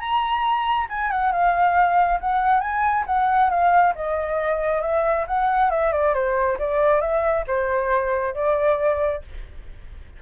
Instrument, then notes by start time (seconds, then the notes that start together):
flute
0.00 A#5
0.90 G#5
1.11 F#5
1.33 F5
2.21 F#5
2.61 G#5
3.07 F#5
3.50 F5
3.96 D#5
4.82 E5
5.28 F#5
5.71 E5
5.93 D5
6.14 C5
6.60 D5
7.01 E5
7.48 C5
8.35 D5